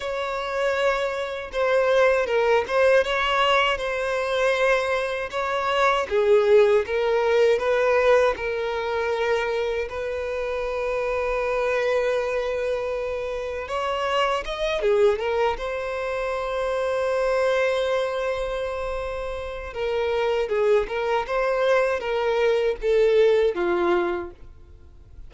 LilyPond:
\new Staff \with { instrumentName = "violin" } { \time 4/4 \tempo 4 = 79 cis''2 c''4 ais'8 c''8 | cis''4 c''2 cis''4 | gis'4 ais'4 b'4 ais'4~ | ais'4 b'2.~ |
b'2 cis''4 dis''8 gis'8 | ais'8 c''2.~ c''8~ | c''2 ais'4 gis'8 ais'8 | c''4 ais'4 a'4 f'4 | }